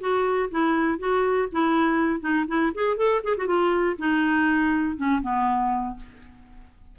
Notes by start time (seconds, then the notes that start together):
0.00 F#4
0.51 E4
0.99 F#4
1.52 E4
2.21 D#4
2.48 E4
2.74 G#4
2.97 A4
3.24 G#4
3.37 F#4
3.47 F4
3.98 D#4
4.97 C#4
5.22 B3